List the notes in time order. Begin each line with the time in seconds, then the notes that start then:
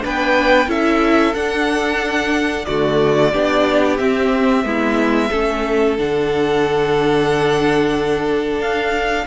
0.00 B3 D4 B4 G5
0.67 C#4 E4 A4 E5
1.34 D4 F#5
2.65 D3 A3 F#4 D5
3.32 B3 D4 G4
3.97 C4 E5
4.64 G#3 B3 E4
5.30 A3 C#4 A4
5.98 D3 D4 F#5
8.59 D4 F5